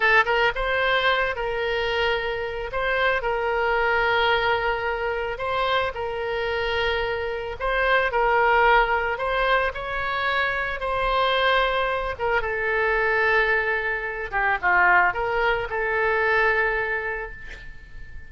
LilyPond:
\new Staff \with { instrumentName = "oboe" } { \time 4/4 \tempo 4 = 111 a'8 ais'8 c''4. ais'4.~ | ais'4 c''4 ais'2~ | ais'2 c''4 ais'4~ | ais'2 c''4 ais'4~ |
ais'4 c''4 cis''2 | c''2~ c''8 ais'8 a'4~ | a'2~ a'8 g'8 f'4 | ais'4 a'2. | }